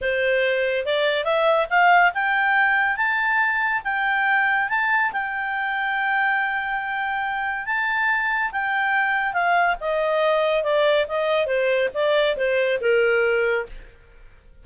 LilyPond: \new Staff \with { instrumentName = "clarinet" } { \time 4/4 \tempo 4 = 141 c''2 d''4 e''4 | f''4 g''2 a''4~ | a''4 g''2 a''4 | g''1~ |
g''2 a''2 | g''2 f''4 dis''4~ | dis''4 d''4 dis''4 c''4 | d''4 c''4 ais'2 | }